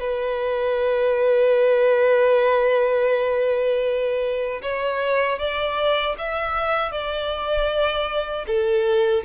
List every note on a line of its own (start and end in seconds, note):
0.00 4.62 B4
4.62 5.39 C#5
5.39 6.16 D5
6.18 6.92 E5
6.92 8.45 D5
8.47 9.23 A4